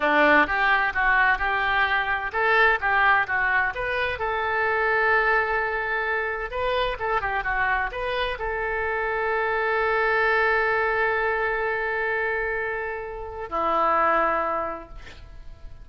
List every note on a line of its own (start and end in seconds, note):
0.00 0.46 D4
0.46 0.93 G4
0.94 1.38 F#4
1.38 2.31 G4
2.32 2.79 A4
2.80 3.26 G4
3.27 3.73 F#4
3.74 4.19 B4
4.19 6.51 A4
6.51 6.97 B4
6.99 7.21 A4
7.21 7.43 G4
7.43 7.90 F#4
7.91 8.38 B4
8.38 13.49 A4
13.49 14.89 E4